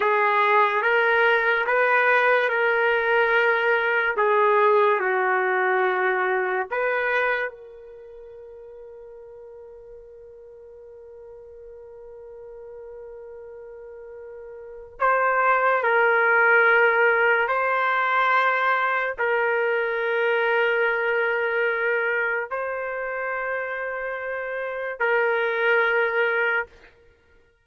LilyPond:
\new Staff \with { instrumentName = "trumpet" } { \time 4/4 \tempo 4 = 72 gis'4 ais'4 b'4 ais'4~ | ais'4 gis'4 fis'2 | b'4 ais'2.~ | ais'1~ |
ais'2 c''4 ais'4~ | ais'4 c''2 ais'4~ | ais'2. c''4~ | c''2 ais'2 | }